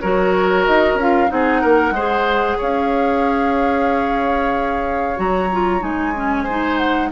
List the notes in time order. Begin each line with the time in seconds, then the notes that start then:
0.00 F#3 F#4 A#4 C#5
0.66 D#4 D#5
0.95 C#4 F4
1.01 F5
1.28 C4 D#4 G#4 F#5
1.61 A#3 A#4
1.91 G#3 C5
1.97 G#4
2.58 C#4 C#5 F5
5.17 F#3 F#4 A#5
5.53 F4
5.80 G#3 D#4 G#5
6.16 C#4
6.44 D#4 C5
6.77 F#5